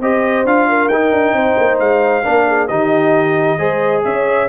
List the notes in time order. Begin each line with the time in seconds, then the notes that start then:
0.00 C4 G4 C5 D#5
0.44 D4 F4 F5
0.69 A#4
0.88 D#4 G5
1.11 D4
1.32 C4 C5
1.58 A#3
1.79 G#3 F5
2.23 A#3 D4 A#4
2.47 G#4
2.67 D#3 D#4 G4 D#5
3.58 G#3 G#4 C5
4.04 C#4 C#5 E5